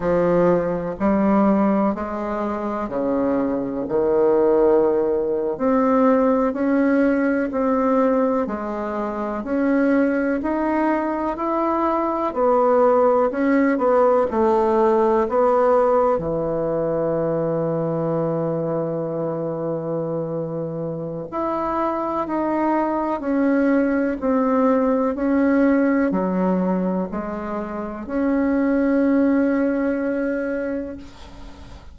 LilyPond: \new Staff \with { instrumentName = "bassoon" } { \time 4/4 \tempo 4 = 62 f4 g4 gis4 cis4 | dis4.~ dis16 c'4 cis'4 c'16~ | c'8. gis4 cis'4 dis'4 e'16~ | e'8. b4 cis'8 b8 a4 b16~ |
b8. e2.~ e16~ | e2 e'4 dis'4 | cis'4 c'4 cis'4 fis4 | gis4 cis'2. | }